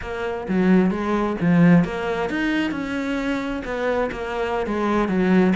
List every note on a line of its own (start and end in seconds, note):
0.01 0.47 A#3
0.48 0.90 F#3
0.90 1.36 G#3
1.40 1.84 F3
1.84 2.29 A#3
2.29 2.71 D#4
2.71 3.62 C#4
3.64 4.10 B3
4.11 4.66 A#3
4.66 5.08 G#3
5.08 5.53 F#3